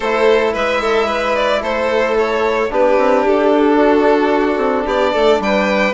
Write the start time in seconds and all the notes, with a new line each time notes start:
0.00 A3 E4 A4 C5
0.53 G#3 B4 E5
0.80 A4
1.06 B4
1.35 D5
1.61 A3 A4 C5
2.18 C#5
2.69 B3 D4 G4 B4
2.98 C4
3.26 D4 A4
3.76 F#4
4.57 C4
4.85 B3 G4 D5
5.12 A3 A4
5.39 G3 B4 G5